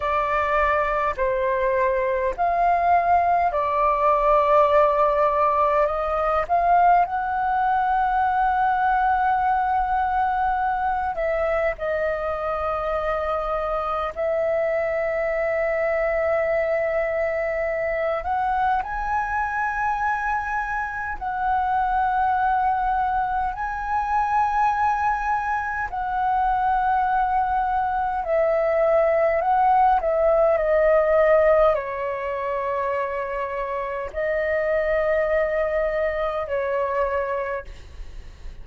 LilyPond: \new Staff \with { instrumentName = "flute" } { \time 4/4 \tempo 4 = 51 d''4 c''4 f''4 d''4~ | d''4 dis''8 f''8 fis''2~ | fis''4. e''8 dis''2 | e''2.~ e''8 fis''8 |
gis''2 fis''2 | gis''2 fis''2 | e''4 fis''8 e''8 dis''4 cis''4~ | cis''4 dis''2 cis''4 | }